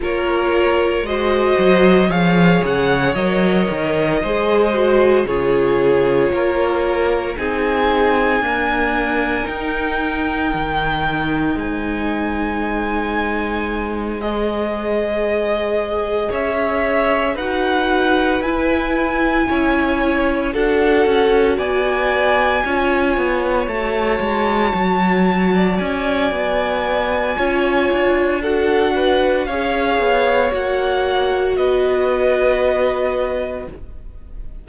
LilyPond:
<<
  \new Staff \with { instrumentName = "violin" } { \time 4/4 \tempo 4 = 57 cis''4 dis''4 f''8 fis''8 dis''4~ | dis''4 cis''2 gis''4~ | gis''4 g''2 gis''4~ | gis''4. dis''2 e''8~ |
e''8 fis''4 gis''2 fis''8~ | fis''8 gis''2 a''4.~ | a''8 gis''2~ gis''8 fis''4 | f''4 fis''4 dis''2 | }
  \new Staff \with { instrumentName = "violin" } { \time 4/4 ais'4 c''4 cis''2 | c''4 gis'4 ais'4 gis'4 | ais'2. c''4~ | c''2.~ c''8 cis''8~ |
cis''8 b'2 cis''4 a'8~ | a'8 d''4 cis''2~ cis''8~ | cis''16 d''4.~ d''16 cis''4 a'8 b'8 | cis''2 b'2 | }
  \new Staff \with { instrumentName = "viola" } { \time 4/4 f'4 fis'4 gis'4 ais'4 | gis'8 fis'8 f'2 dis'4 | ais4 dis'2.~ | dis'4. gis'2~ gis'8~ |
gis'8 fis'4 e'2 fis'8~ | fis'4. f'4 fis'4.~ | fis'2 f'4 fis'4 | gis'4 fis'2. | }
  \new Staff \with { instrumentName = "cello" } { \time 4/4 ais4 gis8 fis8 f8 cis8 fis8 dis8 | gis4 cis4 ais4 c'4 | d'4 dis'4 dis4 gis4~ | gis2.~ gis8 cis'8~ |
cis'8 dis'4 e'4 cis'4 d'8 | cis'8 b4 cis'8 b8 a8 gis8 fis8~ | fis8 cis'8 b4 cis'8 d'4. | cis'8 b8 ais4 b2 | }
>>